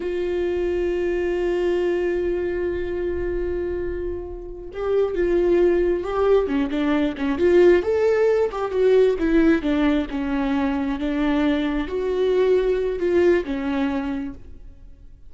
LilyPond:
\new Staff \with { instrumentName = "viola" } { \time 4/4 \tempo 4 = 134 f'1~ | f'1~ | f'2~ f'8 g'4 f'8~ | f'4. g'4 cis'8 d'4 |
cis'8 f'4 a'4. g'8 fis'8~ | fis'8 e'4 d'4 cis'4.~ | cis'8 d'2 fis'4.~ | fis'4 f'4 cis'2 | }